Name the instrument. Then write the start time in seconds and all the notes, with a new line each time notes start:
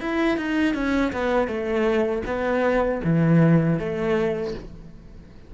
cello
0.00 E4
0.37 D#4
0.74 C#4
1.12 B3
1.47 A3
2.26 B3
3.04 E3
3.79 A3